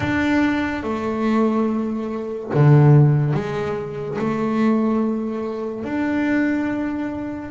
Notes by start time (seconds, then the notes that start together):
0.00 D4
0.83 A3
2.53 D3
3.33 G#3
4.18 A3
5.84 D4